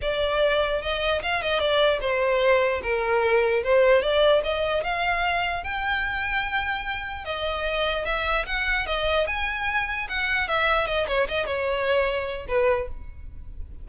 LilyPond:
\new Staff \with { instrumentName = "violin" } { \time 4/4 \tempo 4 = 149 d''2 dis''4 f''8 dis''8 | d''4 c''2 ais'4~ | ais'4 c''4 d''4 dis''4 | f''2 g''2~ |
g''2 dis''2 | e''4 fis''4 dis''4 gis''4~ | gis''4 fis''4 e''4 dis''8 cis''8 | dis''8 cis''2~ cis''8 b'4 | }